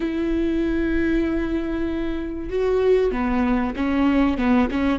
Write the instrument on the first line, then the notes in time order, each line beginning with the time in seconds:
viola
0.00 E4
2.49 F#4
3.11 B3
3.76 C#4
4.37 B3
4.70 C#4